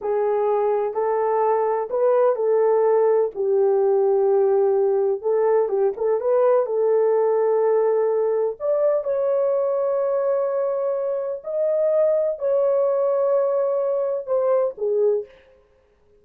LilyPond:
\new Staff \with { instrumentName = "horn" } { \time 4/4 \tempo 4 = 126 gis'2 a'2 | b'4 a'2 g'4~ | g'2. a'4 | g'8 a'8 b'4 a'2~ |
a'2 d''4 cis''4~ | cis''1 | dis''2 cis''2~ | cis''2 c''4 gis'4 | }